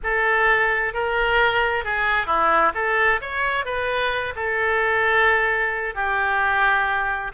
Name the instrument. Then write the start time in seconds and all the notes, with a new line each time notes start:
oboe
0.03 A4
0.93 A#4
1.84 G#4
2.26 E4
2.74 A4
3.21 C#5
3.65 B4
4.35 A4
5.94 G4